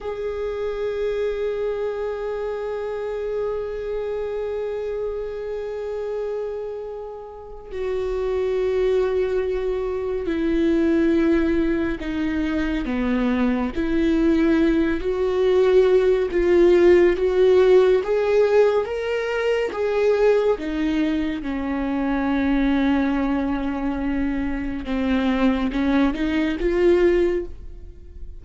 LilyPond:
\new Staff \with { instrumentName = "viola" } { \time 4/4 \tempo 4 = 70 gis'1~ | gis'1~ | gis'4 fis'2. | e'2 dis'4 b4 |
e'4. fis'4. f'4 | fis'4 gis'4 ais'4 gis'4 | dis'4 cis'2.~ | cis'4 c'4 cis'8 dis'8 f'4 | }